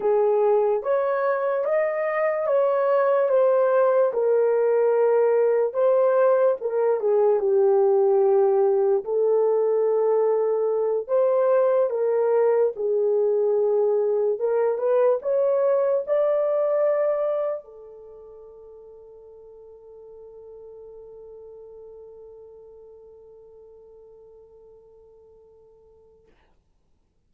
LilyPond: \new Staff \with { instrumentName = "horn" } { \time 4/4 \tempo 4 = 73 gis'4 cis''4 dis''4 cis''4 | c''4 ais'2 c''4 | ais'8 gis'8 g'2 a'4~ | a'4. c''4 ais'4 gis'8~ |
gis'4. ais'8 b'8 cis''4 d''8~ | d''4. a'2~ a'8~ | a'1~ | a'1 | }